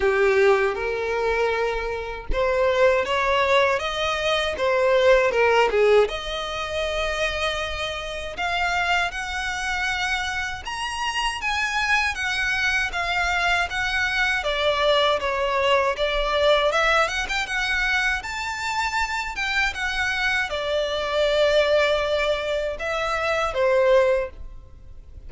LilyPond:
\new Staff \with { instrumentName = "violin" } { \time 4/4 \tempo 4 = 79 g'4 ais'2 c''4 | cis''4 dis''4 c''4 ais'8 gis'8 | dis''2. f''4 | fis''2 ais''4 gis''4 |
fis''4 f''4 fis''4 d''4 | cis''4 d''4 e''8 fis''16 g''16 fis''4 | a''4. g''8 fis''4 d''4~ | d''2 e''4 c''4 | }